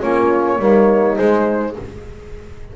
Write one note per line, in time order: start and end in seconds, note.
0.00 0.58 A#3
0.00 0.59 C#4
0.00 0.59 F4
0.00 1.17 C#5
0.58 1.17 G3
0.58 1.15 A#3
0.58 1.76 D#4
1.15 1.74 G#3
1.15 1.76 G#3
1.15 1.75 C5